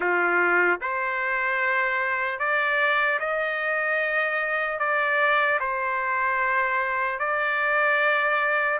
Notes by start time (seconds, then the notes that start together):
0.00 F4
0.81 C5
2.39 D5
3.19 D#5
4.79 D5
5.60 C5
7.19 D5